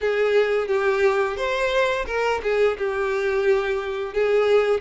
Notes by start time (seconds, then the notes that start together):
0.00 G#4
0.67 G4
1.36 C5
2.06 A#4
2.42 G#4
2.78 G4
4.13 G#4